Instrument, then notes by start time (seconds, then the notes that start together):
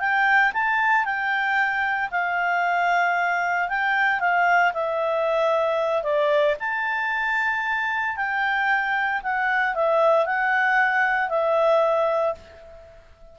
clarinet
0.00 G5
0.53 A5
1.05 G5
2.11 F5
3.69 G5
4.20 F5
4.74 E5
6.03 D5
6.60 A5
8.17 G5
9.23 F#5
9.75 E5
10.26 F#5
11.30 E5